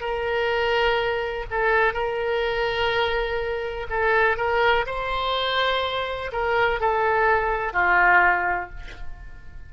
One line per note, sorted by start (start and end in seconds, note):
0.00 1.45 A#4
1.50 1.93 A4
1.93 3.87 A#4
3.89 4.37 A4
4.37 4.85 A#4
4.86 6.31 C5
6.32 6.80 A#4
6.80 7.73 A4
7.73 8.70 F4